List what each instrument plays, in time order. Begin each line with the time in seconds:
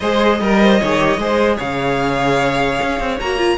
0.00 cello G#3, viola G#4, violin C5 D#5
0.40 cello G3, viola A#4, violin A#4
0.62 violin C5
0.80 cello D#3, viola G#4, violin C#5
0.98 viola G4
1.17 cello G#3, viola G#4, violin C5
1.56 cello C#3, violin C#5 F5
2.81 cello C#4
2.99 cello C4
3.19 cello A#3, viola F#4, violin A#5
3.38 viola F4